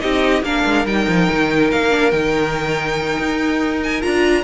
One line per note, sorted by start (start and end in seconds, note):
0.00 0.43 C4
0.00 0.42 D#4
0.00 0.44 G4
0.00 0.43 D#5
0.43 0.64 A#3
0.43 0.87 D4
0.43 4.44 A#4
0.43 0.86 F5
0.65 0.85 G#3
0.85 1.07 G3
0.85 1.90 D#4
0.85 1.71 G5
1.08 1.29 F3
1.31 1.72 D#3
1.71 2.12 A#3
1.71 2.11 F5
1.90 2.11 D4
2.11 3.18 D#3
2.11 4.01 D#4
2.11 3.80 G5
3.18 4.03 D#4
3.83 4.02 G#5
4.01 4.44 D4
4.01 4.44 F4
4.01 4.44 A#5